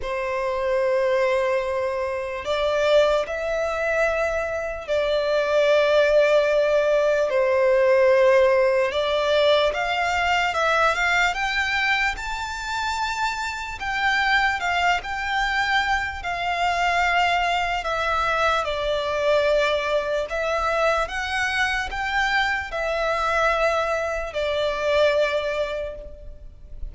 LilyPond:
\new Staff \with { instrumentName = "violin" } { \time 4/4 \tempo 4 = 74 c''2. d''4 | e''2 d''2~ | d''4 c''2 d''4 | f''4 e''8 f''8 g''4 a''4~ |
a''4 g''4 f''8 g''4. | f''2 e''4 d''4~ | d''4 e''4 fis''4 g''4 | e''2 d''2 | }